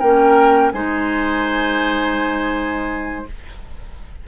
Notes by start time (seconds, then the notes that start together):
0.00 A#3 C#4 A#4 G5
0.72 G#3 D#4 C5 G#5